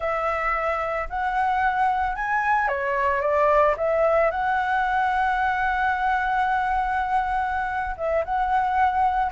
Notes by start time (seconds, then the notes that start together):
0.00 E5
1.09 F#5
2.15 G#5
2.68 C#5
3.21 D5
3.77 E5
4.30 F#5
7.97 E5
8.24 F#5